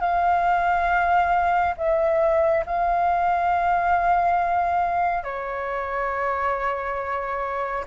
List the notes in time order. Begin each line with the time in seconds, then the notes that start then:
0.00 F5
1.77 E5
2.66 F5
5.23 C#5